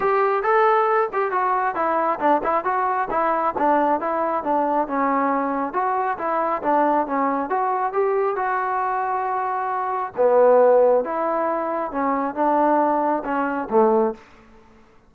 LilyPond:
\new Staff \with { instrumentName = "trombone" } { \time 4/4 \tempo 4 = 136 g'4 a'4. g'8 fis'4 | e'4 d'8 e'8 fis'4 e'4 | d'4 e'4 d'4 cis'4~ | cis'4 fis'4 e'4 d'4 |
cis'4 fis'4 g'4 fis'4~ | fis'2. b4~ | b4 e'2 cis'4 | d'2 cis'4 a4 | }